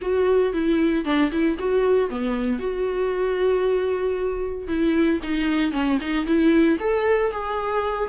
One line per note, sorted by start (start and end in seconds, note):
0.01 0.53 F#4
0.53 1.04 E4
1.04 1.30 D4
1.31 1.57 E4
1.59 2.09 F#4
2.09 2.59 B3
2.59 4.67 F#4
4.67 5.20 E4
5.22 5.72 D#4
5.72 5.98 C#4
6.00 6.25 D#4
6.25 6.78 E4
6.79 7.31 A4
7.31 8.08 G#4